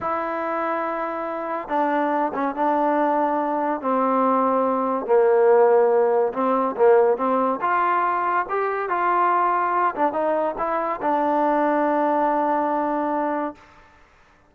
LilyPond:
\new Staff \with { instrumentName = "trombone" } { \time 4/4 \tempo 4 = 142 e'1 | d'4. cis'8 d'2~ | d'4 c'2. | ais2. c'4 |
ais4 c'4 f'2 | g'4 f'2~ f'8 d'8 | dis'4 e'4 d'2~ | d'1 | }